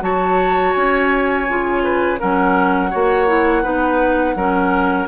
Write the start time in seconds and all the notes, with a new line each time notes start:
0.00 F#3 F#4 C#5 A5
0.73 C#4 G#5
1.48 C#3 F4
1.83 B4
2.18 F#3 C#4 A#4 F#5
2.90 A#3 F#4 C#5
3.27 E4
3.62 B3 D#4 B4
4.36 F#3 C#4 A#4